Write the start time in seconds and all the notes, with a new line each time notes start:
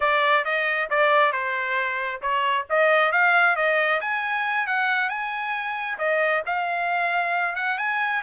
0.00 D5
0.44 D#5
0.90 D5
1.32 C5
2.21 C#5
2.69 D#5
3.12 F5
3.56 D#5
4.00 G#5
4.66 F#5
5.09 G#5
5.98 D#5
6.46 F5
7.55 F#5
7.78 G#5